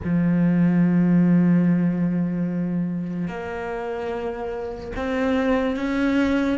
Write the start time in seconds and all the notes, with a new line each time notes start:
0.03 F3
3.27 A#3
4.95 C4
5.76 C#4